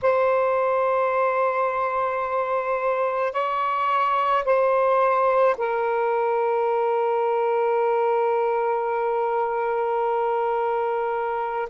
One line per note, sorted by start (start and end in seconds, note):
0.02 3.32 C5
3.32 4.43 C#5
4.44 5.56 C5
5.57 11.68 A#4